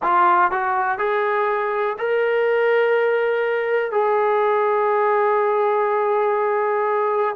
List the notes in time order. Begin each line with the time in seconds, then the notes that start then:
0.02 F4
0.51 F#4
0.98 G#4
1.98 A#4
3.91 G#4